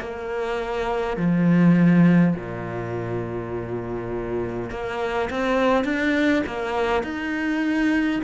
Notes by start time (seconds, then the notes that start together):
0.00 A#3
1.17 F3
2.35 A#2
4.71 A#3
5.30 C4
5.84 D4
6.47 A#3
7.03 D#4